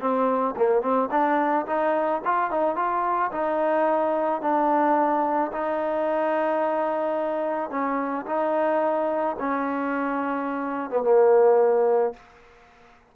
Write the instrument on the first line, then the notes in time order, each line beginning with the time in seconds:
trombone
0.00 C4
0.57 A#3
0.82 C4
1.11 D4
1.66 D#4
2.24 F4
2.50 D#4
2.76 F4
3.32 D#4
4.41 D4
5.52 D#4
7.70 C#4
8.26 D#4
9.39 C#4
10.90 B3
11.03 A#3